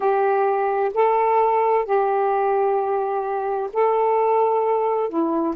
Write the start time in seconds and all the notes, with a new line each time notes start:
0.00 G4
0.94 A4
1.85 G4
3.73 A4
5.09 E4